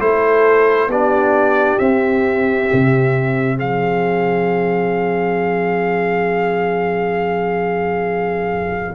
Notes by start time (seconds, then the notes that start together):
0.00 A3 E4 A4 C5
0.88 B3 D4 G4 D5
1.79 C4 E5
2.73 C3
3.56 F3 G#4 F5